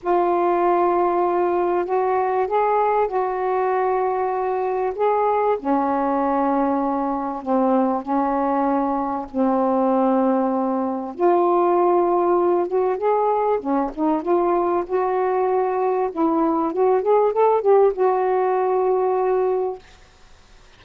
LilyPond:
\new Staff \with { instrumentName = "saxophone" } { \time 4/4 \tempo 4 = 97 f'2. fis'4 | gis'4 fis'2. | gis'4 cis'2. | c'4 cis'2 c'4~ |
c'2 f'2~ | f'8 fis'8 gis'4 cis'8 dis'8 f'4 | fis'2 e'4 fis'8 gis'8 | a'8 g'8 fis'2. | }